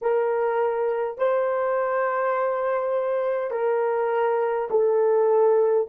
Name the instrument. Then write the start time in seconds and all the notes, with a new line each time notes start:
horn
0.01 A#4
1.18 C5
3.50 A#4
4.70 A4